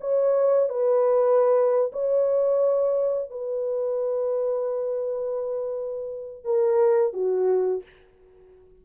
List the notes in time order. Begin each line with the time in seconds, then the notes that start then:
0.00 C#5
0.69 B4
1.92 C#5
3.30 B4
6.44 A#4
7.13 F#4